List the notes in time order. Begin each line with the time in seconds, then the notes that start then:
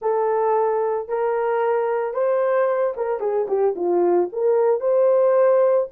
0.01 A4
1.08 A#4
2.13 C5
2.96 A#4
3.20 G#4
3.48 G4
3.75 F4
4.32 A#4
4.80 C5